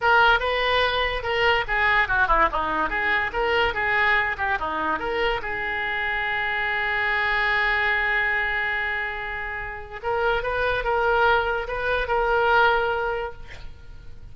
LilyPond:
\new Staff \with { instrumentName = "oboe" } { \time 4/4 \tempo 4 = 144 ais'4 b'2 ais'4 | gis'4 fis'8 e'8 dis'4 gis'4 | ais'4 gis'4. g'8 dis'4 | ais'4 gis'2.~ |
gis'1~ | gis'1 | ais'4 b'4 ais'2 | b'4 ais'2. | }